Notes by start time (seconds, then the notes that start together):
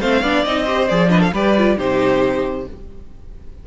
0.00 A3 C4 C5 F5
0.21 B3 D4 D5
0.45 C4 D#4 D#5
0.63 G4 C5
0.88 F3 G#4 D5
1.09 D4 B4 D#5
1.20 A4 F5
1.32 G3 G4 B4 D5
1.57 F4
1.77 C3 D#4 G4 C5